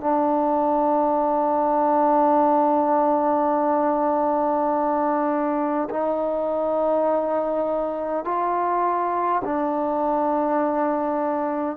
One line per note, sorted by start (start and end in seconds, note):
0.00 5.88 D4
5.90 8.25 D#4
8.25 9.42 F4
9.44 11.76 D4